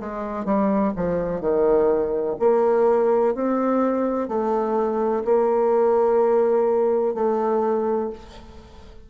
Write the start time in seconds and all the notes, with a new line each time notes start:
0.00 G#3
0.45 G3
0.96 F3
1.41 D#3
2.40 A#3
3.35 C4
4.28 A3
5.25 A#3
7.14 A3